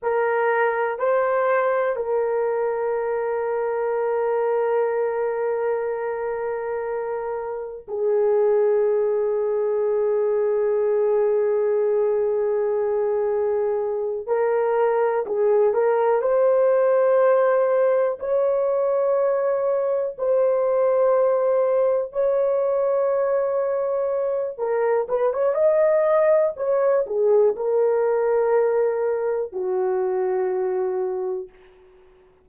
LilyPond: \new Staff \with { instrumentName = "horn" } { \time 4/4 \tempo 4 = 61 ais'4 c''4 ais'2~ | ais'1 | gis'1~ | gis'2~ gis'8 ais'4 gis'8 |
ais'8 c''2 cis''4.~ | cis''8 c''2 cis''4.~ | cis''4 ais'8 b'16 cis''16 dis''4 cis''8 gis'8 | ais'2 fis'2 | }